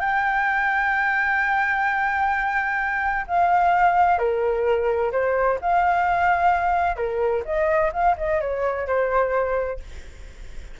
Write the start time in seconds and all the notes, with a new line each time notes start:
0.00 G5
3.27 F5
4.18 A#4
5.12 C5
5.61 F5
6.96 A#4
7.45 D#5
7.93 F5
8.17 D#5
8.41 C#5
8.87 C5